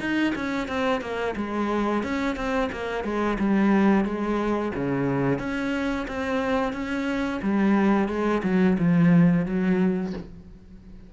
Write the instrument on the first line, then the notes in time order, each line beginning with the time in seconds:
cello
0.00 D#4
0.35 C#4
0.68 C4
1.01 A#3
1.36 G#3
2.03 C#4
2.36 C4
2.72 A#3
3.04 G#3
3.40 G3
4.05 G#3
4.75 C#3
5.39 C#4
6.08 C4
6.73 C#4
7.42 G3
8.09 G#3
8.43 F#3
8.79 F3
9.46 F#3